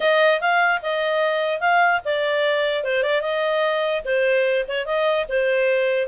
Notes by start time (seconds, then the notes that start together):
0.00 D#5
0.40 F5
0.82 D#5
1.60 F5
2.05 D5
2.84 C5
3.02 D5
3.21 D#5
4.04 C5
4.68 C#5
4.85 D#5
5.28 C5